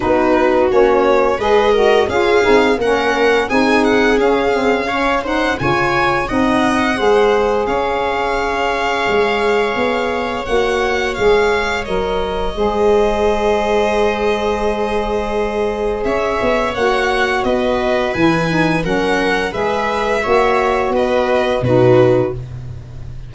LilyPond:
<<
  \new Staff \with { instrumentName = "violin" } { \time 4/4 \tempo 4 = 86 b'4 cis''4 dis''4 f''4 | fis''4 gis''8 fis''8 f''4. fis''8 | gis''4 fis''2 f''4~ | f''2. fis''4 |
f''4 dis''2.~ | dis''2. e''4 | fis''4 dis''4 gis''4 fis''4 | e''2 dis''4 b'4 | }
  \new Staff \with { instrumentName = "viola" } { \time 4/4 fis'2 b'8 ais'8 gis'4 | ais'4 gis'2 cis''8 c''8 | cis''4 dis''4 c''4 cis''4~ | cis''1~ |
cis''2 c''2~ | c''2. cis''4~ | cis''4 b'2 ais'4 | b'4 cis''4 b'4 fis'4 | }
  \new Staff \with { instrumentName = "saxophone" } { \time 4/4 dis'4 cis'4 gis'8 fis'8 f'8 dis'8 | cis'4 dis'4 cis'8 c'8 cis'8 dis'8 | f'4 dis'4 gis'2~ | gis'2. fis'4 |
gis'4 ais'4 gis'2~ | gis'1 | fis'2 e'8 dis'8 cis'4 | gis'4 fis'2 dis'4 | }
  \new Staff \with { instrumentName = "tuba" } { \time 4/4 b4 ais4 gis4 cis'8 c'8 | ais4 c'4 cis'2 | cis4 c'4 gis4 cis'4~ | cis'4 gis4 b4 ais4 |
gis4 fis4 gis2~ | gis2. cis'8 b8 | ais4 b4 e4 fis4 | gis4 ais4 b4 b,4 | }
>>